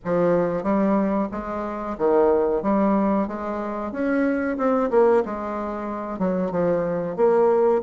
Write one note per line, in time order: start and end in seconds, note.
0.04 0.63 F3
0.63 1.28 G3
1.31 1.96 G#3
1.98 2.62 D#3
2.62 3.27 G3
3.27 3.92 G#3
3.92 4.57 C#4
4.57 4.90 C4
4.90 5.23 A#3
5.25 6.18 G#3
6.18 6.51 F#3
6.51 7.16 F3
7.16 7.81 A#3